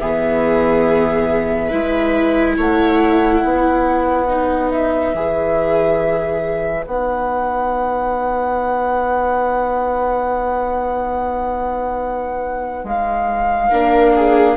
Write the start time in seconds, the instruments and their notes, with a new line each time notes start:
0.00 bassoon E3, viola B3 G#4, flute E5
1.68 bassoon G#3, viola E4 B4
2.58 bassoon A3, viola C#5, flute F#5
3.43 bassoon B3, viola B4
4.29 viola D#4
4.71 flute E5
5.14 bassoon E3, viola G#4
6.87 bassoon B3, viola D#4, flute F#5
12.84 bassoon G#3, flute F5
13.71 bassoon A#3, viola D4 A#4
14.16 viola G#4